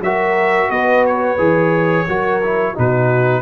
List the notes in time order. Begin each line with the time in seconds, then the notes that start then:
0.00 F#3 F#4 A#4 E5
0.70 B3 B4 D#5
1.06 C#5
1.37 E3 G#4
2.08 F#3 F#4 A#4
2.43 E4
2.73 B2 D#4 F#4 B4